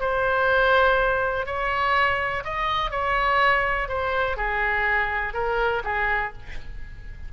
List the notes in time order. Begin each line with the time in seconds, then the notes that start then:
0.00 C5
1.46 C#5
2.44 D#5
2.91 C#5
3.88 C5
4.37 G#4
5.33 A#4
5.84 G#4